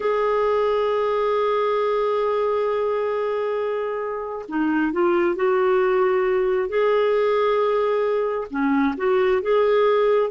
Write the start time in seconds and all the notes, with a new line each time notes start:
0.00 G#4
4.48 D#4
4.92 F4
5.35 F#4
6.68 G#4
8.50 C#4
8.97 F#4
9.42 G#4